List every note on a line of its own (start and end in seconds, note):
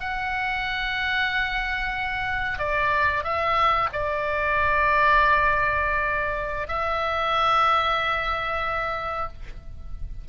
0.00 2.59 F#5
2.59 3.24 D5
3.24 3.90 E5
3.93 6.68 D5
6.68 9.29 E5